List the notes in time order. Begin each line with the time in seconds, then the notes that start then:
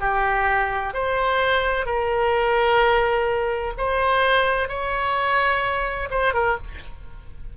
0.00 G4
0.94 C5
1.85 A#4
3.78 C5
4.68 C#5
6.10 C5
6.34 A#4